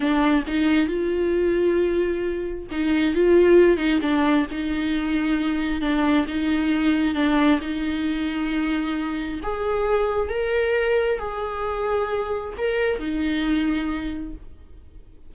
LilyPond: \new Staff \with { instrumentName = "viola" } { \time 4/4 \tempo 4 = 134 d'4 dis'4 f'2~ | f'2 dis'4 f'4~ | f'8 dis'8 d'4 dis'2~ | dis'4 d'4 dis'2 |
d'4 dis'2.~ | dis'4 gis'2 ais'4~ | ais'4 gis'2. | ais'4 dis'2. | }